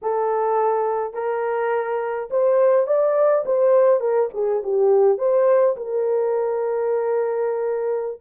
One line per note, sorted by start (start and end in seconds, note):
0.02 1.13 A4
1.13 2.29 A#4
2.30 2.86 C5
2.86 3.44 D5
3.45 4.00 C5
4.00 4.29 A#4
4.33 4.62 G#4
4.63 5.18 G4
5.18 5.75 C5
5.76 8.21 A#4